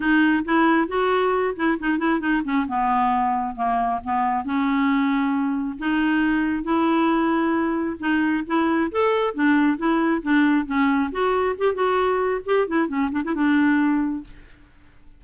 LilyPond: \new Staff \with { instrumentName = "clarinet" } { \time 4/4 \tempo 4 = 135 dis'4 e'4 fis'4. e'8 | dis'8 e'8 dis'8 cis'8 b2 | ais4 b4 cis'2~ | cis'4 dis'2 e'4~ |
e'2 dis'4 e'4 | a'4 d'4 e'4 d'4 | cis'4 fis'4 g'8 fis'4. | g'8 e'8 cis'8 d'16 e'16 d'2 | }